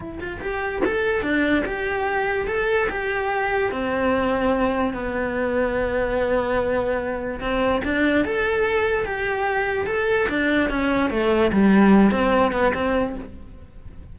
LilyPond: \new Staff \with { instrumentName = "cello" } { \time 4/4 \tempo 4 = 146 e'8 f'8 g'4 a'4 d'4 | g'2 a'4 g'4~ | g'4 c'2. | b1~ |
b2 c'4 d'4 | a'2 g'2 | a'4 d'4 cis'4 a4 | g4. c'4 b8 c'4 | }